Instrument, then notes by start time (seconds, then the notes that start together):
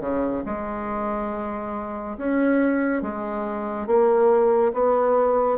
bassoon
0.00 C#3
0.46 G#3
2.17 C#4
3.02 G#3
3.86 A#3
4.73 B3